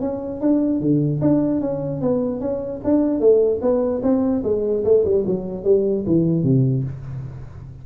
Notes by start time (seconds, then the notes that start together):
0.00 C#4
0.40 D4
0.80 D3
1.21 D4
1.61 C#4
2.01 B3
2.40 C#4
2.84 D4
3.20 A3
3.61 B3
4.02 C4
4.43 G#3
4.84 A3
5.04 G3
5.26 F#3
5.64 G3
6.06 E3
6.43 C3